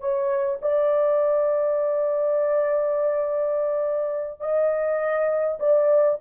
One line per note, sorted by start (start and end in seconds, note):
0.00 0.59 C#5
0.62 4.41 D5
4.41 5.58 D#5
5.60 6.18 D5